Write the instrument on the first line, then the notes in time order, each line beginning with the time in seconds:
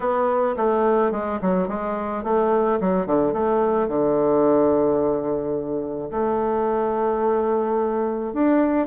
bassoon
0.00 B3
0.57 A3
1.11 G#3
1.41 F#3
1.68 G#3
2.23 A3
2.80 F#3
3.06 D3
3.33 A3
3.88 D3
6.11 A3
8.33 D4